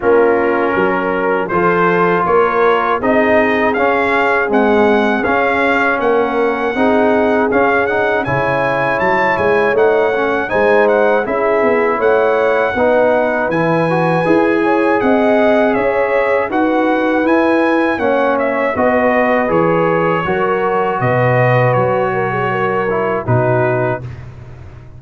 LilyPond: <<
  \new Staff \with { instrumentName = "trumpet" } { \time 4/4 \tempo 4 = 80 ais'2 c''4 cis''4 | dis''4 f''4 fis''4 f''4 | fis''2 f''8 fis''8 gis''4 | a''8 gis''8 fis''4 gis''8 fis''8 e''4 |
fis''2 gis''2 | fis''4 e''4 fis''4 gis''4 | fis''8 e''8 dis''4 cis''2 | dis''4 cis''2 b'4 | }
  \new Staff \with { instrumentName = "horn" } { \time 4/4 f'4 ais'4 a'4 ais'4 | gis'1 | ais'4 gis'2 cis''4~ | cis''2 c''4 gis'4 |
cis''4 b'2~ b'8 cis''8 | dis''4 cis''4 b'2 | cis''4 b'2 ais'4 | b'4. ais'16 gis'16 ais'4 fis'4 | }
  \new Staff \with { instrumentName = "trombone" } { \time 4/4 cis'2 f'2 | dis'4 cis'4 gis4 cis'4~ | cis'4 dis'4 cis'8 dis'8 e'4~ | e'4 dis'8 cis'8 dis'4 e'4~ |
e'4 dis'4 e'8 fis'8 gis'4~ | gis'2 fis'4 e'4 | cis'4 fis'4 gis'4 fis'4~ | fis'2~ fis'8 e'8 dis'4 | }
  \new Staff \with { instrumentName = "tuba" } { \time 4/4 ais4 fis4 f4 ais4 | c'4 cis'4 c'4 cis'4 | ais4 c'4 cis'4 cis4 | fis8 gis8 a4 gis4 cis'8 b8 |
a4 b4 e4 e'4 | c'4 cis'4 dis'4 e'4 | ais4 b4 e4 fis4 | b,4 fis2 b,4 | }
>>